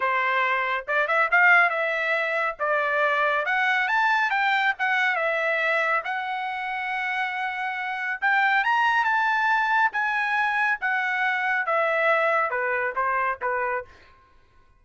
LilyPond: \new Staff \with { instrumentName = "trumpet" } { \time 4/4 \tempo 4 = 139 c''2 d''8 e''8 f''4 | e''2 d''2 | fis''4 a''4 g''4 fis''4 | e''2 fis''2~ |
fis''2. g''4 | ais''4 a''2 gis''4~ | gis''4 fis''2 e''4~ | e''4 b'4 c''4 b'4 | }